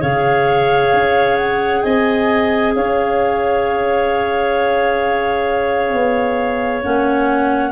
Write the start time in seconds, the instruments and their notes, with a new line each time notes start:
0.00 tuba C#3, clarinet G#4 C#5, flute F5
0.92 tuba C#4
1.36 flute F#5
1.82 tuba C4, clarinet D#5, flute G#5
2.75 tuba C#4, clarinet C#5, flute F5
5.93 tuba B3
6.83 tuba A#3, clarinet C#4, flute F#5